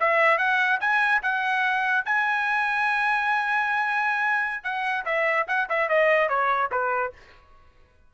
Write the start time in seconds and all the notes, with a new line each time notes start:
0.00 E5
0.38 F#5
0.80 G#5
1.22 F#5
2.05 G#5
4.63 F#5
5.05 E5
5.48 F#5
5.69 E5
5.89 D#5
6.29 C#5
6.71 B4